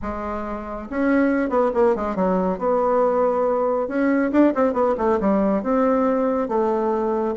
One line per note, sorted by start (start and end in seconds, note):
0.02 0.88 G#3
0.90 1.49 C#4
1.49 1.71 B3
1.74 1.95 A#3
1.95 2.15 G#3
2.15 2.58 F#3
2.58 3.87 B3
3.88 4.31 C#4
4.31 4.53 D4
4.55 4.73 C4
4.73 4.94 B3
4.97 5.19 A3
5.20 5.63 G3
5.63 6.48 C4
6.48 7.34 A3